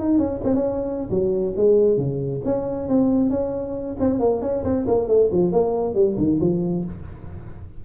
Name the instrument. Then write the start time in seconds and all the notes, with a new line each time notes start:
tuba
0.00 D#4
0.19 C#4
0.44 C4
0.55 C#4
1.10 F#3
1.57 G#3
1.98 C#3
2.45 C#4
2.89 C4
3.30 C#4
4.00 C4
4.20 A#3
4.42 C#4
4.64 C4
4.87 A#3
5.08 A3
5.32 F3
5.52 A#3
5.95 G3
6.18 D#3
6.41 F3